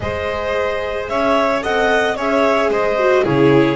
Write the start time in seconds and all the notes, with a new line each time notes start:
0.00 G#3 G#4 C5 D#5
1.08 C#4 C#5 E5
1.61 C4 A4 D#5 F#5
2.15 C#4 G#4 C#5 E5
2.69 G#3 C5 D#5
2.98 F#4
3.23 C#3 E4 G#4 C#5